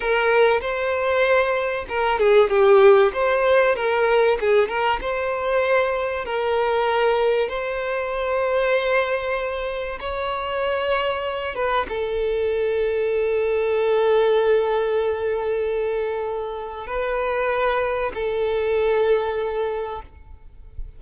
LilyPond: \new Staff \with { instrumentName = "violin" } { \time 4/4 \tempo 4 = 96 ais'4 c''2 ais'8 gis'8 | g'4 c''4 ais'4 gis'8 ais'8 | c''2 ais'2 | c''1 |
cis''2~ cis''8 b'8 a'4~ | a'1~ | a'2. b'4~ | b'4 a'2. | }